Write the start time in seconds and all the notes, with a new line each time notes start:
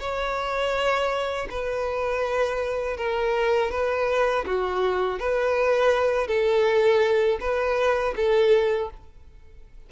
0.00 C#5
1.51 B4
2.98 A#4
3.72 B4
4.46 F#4
5.20 B4
6.28 A4
7.40 B4
8.16 A4